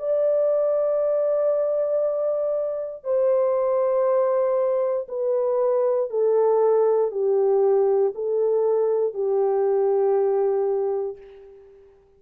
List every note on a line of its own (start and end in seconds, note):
0.00 3.04 D5
3.04 5.08 C5
5.09 6.11 B4
6.11 7.12 A4
7.12 8.14 G4
8.15 9.14 A4
9.14 11.18 G4